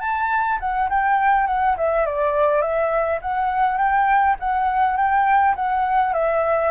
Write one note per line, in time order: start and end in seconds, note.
0.00 0.58 A5
0.60 0.89 F#5
0.89 1.47 G5
1.47 1.76 F#5
1.77 2.06 E5
2.06 2.62 D5
2.62 3.20 E5
3.22 3.78 F#5
3.78 4.36 G5
4.40 4.97 F#5
4.97 5.55 G5
5.56 6.13 F#5
6.13 6.71 E5